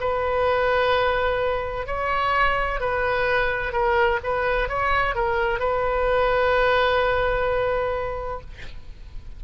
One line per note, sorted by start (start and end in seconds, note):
0.00 1.87 B4
1.87 2.80 C#5
2.80 3.72 B4
3.72 4.19 A#4
4.24 4.68 B4
4.68 5.15 C#5
5.15 5.59 A#4
5.59 8.40 B4